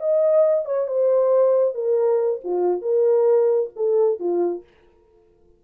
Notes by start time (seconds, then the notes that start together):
0.00 D#5
0.65 C#5
0.87 C5
1.75 A#4
2.44 F4
2.82 A#4
3.76 A4
4.20 F4